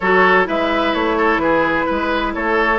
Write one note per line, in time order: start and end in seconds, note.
0.00 0.48 F#3
0.00 0.43 F#4
0.00 0.47 A4
0.00 0.46 C#5
0.43 0.94 G#3
0.43 2.78 E4
0.43 1.17 B4
0.43 0.94 E5
0.94 1.37 A3
0.94 1.39 C#5
1.17 1.41 A4
1.37 1.84 E3
1.37 1.86 G#4
1.37 2.32 B4
1.86 2.35 G#3
1.86 2.32 B4
2.34 2.79 A3
2.34 2.79 A4
2.34 2.79 C#5